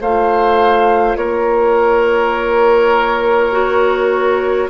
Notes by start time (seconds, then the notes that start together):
0.00 A3 F4 C5 F5
1.16 A#3 A#4 C#5
3.51 F#4